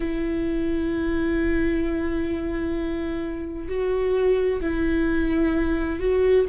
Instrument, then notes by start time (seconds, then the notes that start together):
viola
0.00 E4
3.68 F#4
4.61 E4
5.99 F#4